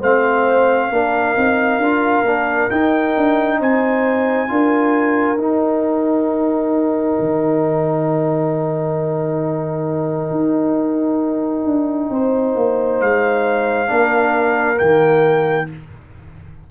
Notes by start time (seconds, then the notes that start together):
0.00 A3 C4 C5 F5
0.91 A#3 D4 A#4
1.37 C4 D#4
1.78 D4 F4
2.23 A#3 D4
2.70 D#4 G5
3.17 D4
3.60 C4 C5 G#5
4.48 D4 F4 A#4
5.38 D#4 G5
7.20 D#3
10.31 D#4
11.65 D4
12.10 C4 C5
12.56 A#3
13.01 G#3 F5
13.88 A#3 D4 A#4
14.76 D#3 A#3 G5